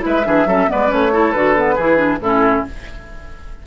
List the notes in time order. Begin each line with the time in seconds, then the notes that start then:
0.00 G#3 E4 B4
0.07 E5
0.25 E3 D4 G#4
0.46 F#3 C#4 A4
0.67 B3 B4 D5
0.73 G#3
0.87 A3 C#4 C#5
1.12 E4 A4
1.31 D3 F#4 B4
1.55 B3
1.75 E3 E4 G#4
1.96 D4
2.20 A2 C#4 E4 A4